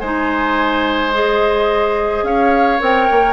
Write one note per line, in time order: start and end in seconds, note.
0.00 2.23 G#3
0.00 1.12 D#4
0.00 2.25 C5
0.00 1.12 G#5
1.12 2.80 G#4
1.12 2.24 D#5
2.23 2.79 C#4
2.23 3.33 C#5
2.23 2.80 F5
2.80 3.09 C4
2.80 3.33 A#4
2.80 3.33 G5
3.11 3.33 A#3